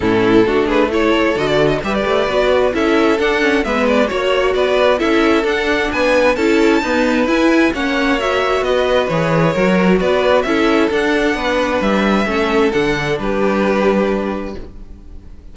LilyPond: <<
  \new Staff \with { instrumentName = "violin" } { \time 4/4 \tempo 4 = 132 a'4. b'8 cis''4 dis''16 d''8 dis''16 | e''16 d''4.~ d''16 e''4 fis''4 | e''8 d''8 cis''4 d''4 e''4 | fis''4 gis''4 a''2 |
gis''4 fis''4 e''4 dis''4 | cis''2 d''4 e''4 | fis''2 e''2 | fis''4 b'2. | }
  \new Staff \with { instrumentName = "violin" } { \time 4/4 e'4 fis'8 gis'8 a'2 | b'2 a'2 | b'4 cis''4 b'4 a'4~ | a'4 b'4 a'4 b'4~ |
b'4 cis''2 b'4~ | b'4 ais'4 b'4 a'4~ | a'4 b'2 a'4~ | a'4 g'2. | }
  \new Staff \with { instrumentName = "viola" } { \time 4/4 cis'4 d'4 e'4 fis'4 | g'4 fis'4 e'4 d'8 cis'8 | b4 fis'2 e'4 | d'2 e'4 b4 |
e'4 cis'4 fis'2 | gis'4 fis'2 e'4 | d'2. cis'4 | d'1 | }
  \new Staff \with { instrumentName = "cello" } { \time 4/4 a,4 a2 d4 | g8 a8 b4 cis'4 d'4 | gis4 ais4 b4 cis'4 | d'4 b4 cis'4 dis'4 |
e'4 ais2 b4 | e4 fis4 b4 cis'4 | d'4 b4 g4 a4 | d4 g2. | }
>>